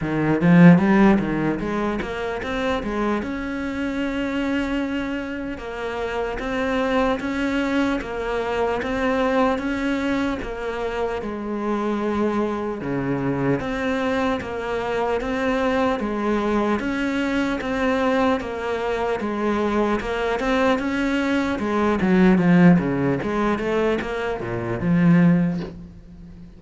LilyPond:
\new Staff \with { instrumentName = "cello" } { \time 4/4 \tempo 4 = 75 dis8 f8 g8 dis8 gis8 ais8 c'8 gis8 | cis'2. ais4 | c'4 cis'4 ais4 c'4 | cis'4 ais4 gis2 |
cis4 c'4 ais4 c'4 | gis4 cis'4 c'4 ais4 | gis4 ais8 c'8 cis'4 gis8 fis8 | f8 cis8 gis8 a8 ais8 ais,8 f4 | }